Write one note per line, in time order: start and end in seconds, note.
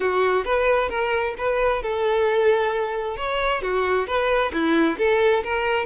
0.00 0.44 F#4
0.44 0.89 B4
0.89 1.34 A#4
1.38 1.82 B4
1.82 3.16 A4
3.16 3.62 C#5
3.62 4.07 F#4
4.07 4.52 B4
4.52 4.97 E4
4.98 5.43 A4
5.43 5.85 A#4